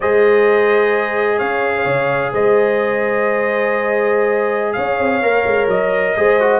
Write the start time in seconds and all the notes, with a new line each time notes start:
0.00 G#3 G#4 C5 D#5
1.37 C#4 C#5 F5
1.76 C5
1.84 C#3 C#5
2.32 G#3 C5 D#5
4.72 C#4 C#5 F5
4.98 C4
5.22 A#3 A#4
5.45 G#3
5.67 F#3 D#5
6.16 G#3 G#4 C5
6.39 F#4